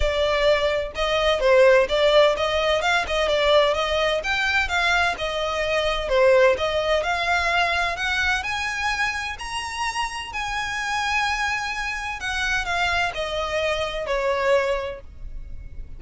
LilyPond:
\new Staff \with { instrumentName = "violin" } { \time 4/4 \tempo 4 = 128 d''2 dis''4 c''4 | d''4 dis''4 f''8 dis''8 d''4 | dis''4 g''4 f''4 dis''4~ | dis''4 c''4 dis''4 f''4~ |
f''4 fis''4 gis''2 | ais''2 gis''2~ | gis''2 fis''4 f''4 | dis''2 cis''2 | }